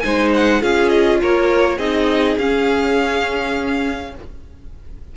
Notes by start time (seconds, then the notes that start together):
0.00 G#3 D#4 C5 G#5
0.34 F#5
0.61 C#4 F4 G#4 F5
0.89 D#5
1.21 A#3 A#4 C#5
1.76 C4 D#4 G#4 D#5
2.39 C#4 F5